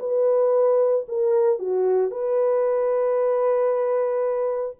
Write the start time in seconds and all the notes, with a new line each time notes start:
0.00 B4
1.09 A#4
1.59 F#4
2.11 B4